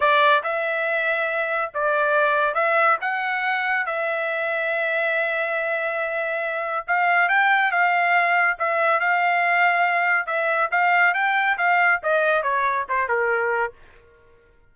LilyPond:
\new Staff \with { instrumentName = "trumpet" } { \time 4/4 \tempo 4 = 140 d''4 e''2. | d''2 e''4 fis''4~ | fis''4 e''2.~ | e''1 |
f''4 g''4 f''2 | e''4 f''2. | e''4 f''4 g''4 f''4 | dis''4 cis''4 c''8 ais'4. | }